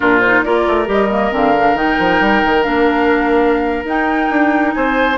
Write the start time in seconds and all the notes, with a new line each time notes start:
0.00 A#2 D4 F4 A#4
0.19 C5
0.26 D#4
0.43 A#3 F4 A#4 D5
0.67 A3
0.86 G3 G4 D#5
1.10 A#3
1.31 D3 C4 F5
1.57 D4
1.74 D#3 D#4 G5
1.98 F3
2.20 G3
2.44 D#3
2.62 A#3 D4 F5
3.84 D#4 G5
4.30 D4
4.73 C4 C5 G#5